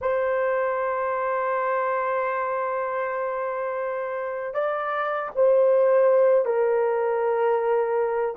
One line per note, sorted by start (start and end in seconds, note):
0.01 4.54 C5
4.54 5.30 D5
5.35 6.45 C5
6.45 8.35 A#4